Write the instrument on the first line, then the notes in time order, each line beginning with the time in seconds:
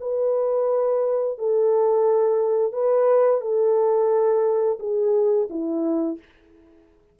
horn
0.00 B4
1.38 A4
2.72 B4
3.41 A4
4.79 G#4
5.50 E4